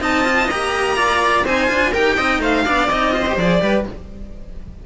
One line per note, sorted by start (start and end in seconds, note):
0.00 0.48 C4
0.00 0.25 D#4
0.00 0.96 D#5
0.00 0.50 A5
0.25 0.49 F4
0.50 1.45 A#3
0.50 0.97 G4
0.50 1.46 A#5
0.96 1.45 F4
0.96 1.45 D5
1.45 1.69 C4
1.45 1.68 D#4
1.45 1.92 C5
1.45 1.94 G#5
1.68 1.94 D4
1.68 1.92 F4
1.92 2.18 D#4
1.92 2.19 G4
1.92 2.16 A#4
1.92 2.42 G5
2.17 2.39 C4
2.17 2.66 D#4
2.17 2.41 D#5
2.39 2.63 A3
2.39 2.66 C5
2.39 2.89 F5
2.66 2.88 B3
2.66 2.90 D4
2.66 3.14 D5
2.88 3.36 C4
2.88 3.12 D#4
2.88 3.37 D#5
3.12 3.24 F4
3.12 3.62 C5
3.27 3.39 G4
3.37 3.61 F3
3.37 3.61 G#4
3.37 3.86 D5
3.61 3.86 G3
3.61 3.85 G4
3.61 3.86 B4